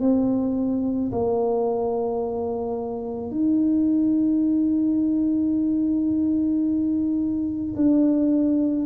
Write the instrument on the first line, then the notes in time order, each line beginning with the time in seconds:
tuba
0.00 C4
1.12 A#3
3.31 D#4
7.76 D4